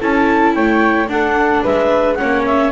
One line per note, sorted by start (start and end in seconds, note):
0.00 0.56 C#4
0.00 1.07 E4
0.00 0.55 A4
0.00 0.54 A5
0.54 1.08 A3
0.54 1.10 C#5
0.54 1.09 G5
1.07 2.17 D4
1.07 1.63 D4
1.07 1.63 A4
1.07 1.64 F#5
1.63 2.20 G#3
1.63 2.17 B4
1.63 2.15 E5
2.15 2.72 C#4
2.15 2.72 C#5
2.15 2.42 F#5
2.22 2.72 A#3
2.46 2.72 E5